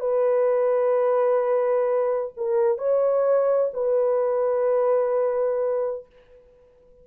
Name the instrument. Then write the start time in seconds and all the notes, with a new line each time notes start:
horn
0.00 B4
2.37 A#4
2.78 C#5
3.74 B4